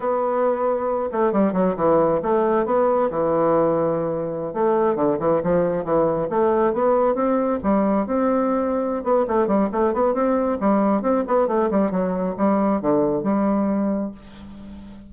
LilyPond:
\new Staff \with { instrumentName = "bassoon" } { \time 4/4 \tempo 4 = 136 b2~ b8 a8 g8 fis8 | e4 a4 b4 e4~ | e2~ e16 a4 d8 e16~ | e16 f4 e4 a4 b8.~ |
b16 c'4 g4 c'4.~ c'16~ | c'8 b8 a8 g8 a8 b8 c'4 | g4 c'8 b8 a8 g8 fis4 | g4 d4 g2 | }